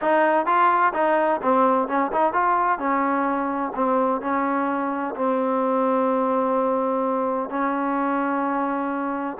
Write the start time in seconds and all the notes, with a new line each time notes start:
0.01 D#4
0.45 F4
0.93 D#4
1.42 C4
1.87 C#4
2.12 D#4
2.33 F4
2.78 C#4
3.75 C4
4.21 C#4
5.15 C4
7.49 C#4